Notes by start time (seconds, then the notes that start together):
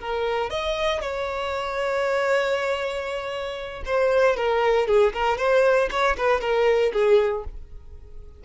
0.00 A#4
0.50 D#5
1.01 C#5
3.85 C5
4.36 A#4
4.87 G#4
5.13 A#4
5.38 C5
5.91 C#5
6.17 B4
6.41 A#4
6.93 G#4